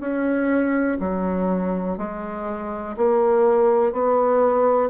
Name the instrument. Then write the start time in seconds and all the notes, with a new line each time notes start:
bassoon
0.00 C#4
1.00 F#3
1.98 G#3
2.97 A#3
3.92 B3